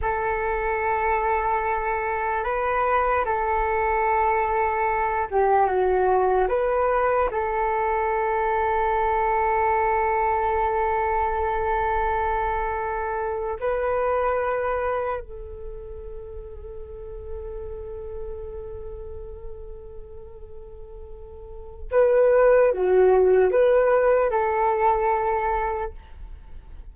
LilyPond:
\new Staff \with { instrumentName = "flute" } { \time 4/4 \tempo 4 = 74 a'2. b'4 | a'2~ a'8 g'8 fis'4 | b'4 a'2.~ | a'1~ |
a'8. b'2 a'4~ a'16~ | a'1~ | a'2. b'4 | fis'4 b'4 a'2 | }